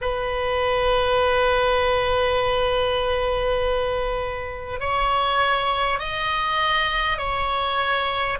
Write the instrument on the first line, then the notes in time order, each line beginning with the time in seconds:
oboe
0.01 B4
4.80 C#5
5.99 D#5
7.18 C#5